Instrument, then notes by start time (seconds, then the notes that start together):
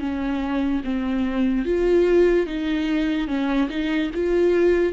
viola
0.00 C#4
0.84 C4
1.66 F4
2.47 D#4
3.28 C#4
3.70 D#4
4.15 F4